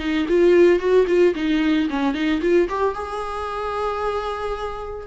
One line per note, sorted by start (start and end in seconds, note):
0.00 0.27 D#4
0.29 0.80 F4
0.80 1.07 F#4
1.08 1.35 F4
1.36 1.89 D#4
1.90 2.15 C#4
2.15 2.42 D#4
2.42 2.69 F4
2.69 2.95 G4
2.95 5.07 G#4